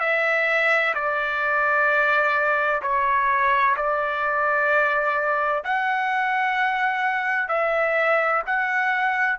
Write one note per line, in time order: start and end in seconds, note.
0.00 0.94 E5
0.94 2.82 D5
2.82 3.75 C#5
3.76 5.63 D5
5.64 7.48 F#5
7.48 8.42 E5
8.46 9.39 F#5